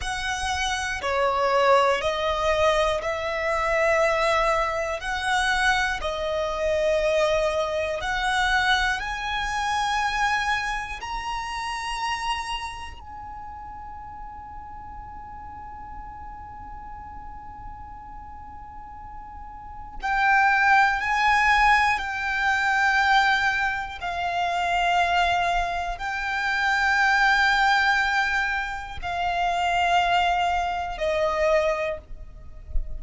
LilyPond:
\new Staff \with { instrumentName = "violin" } { \time 4/4 \tempo 4 = 60 fis''4 cis''4 dis''4 e''4~ | e''4 fis''4 dis''2 | fis''4 gis''2 ais''4~ | ais''4 gis''2.~ |
gis''1 | g''4 gis''4 g''2 | f''2 g''2~ | g''4 f''2 dis''4 | }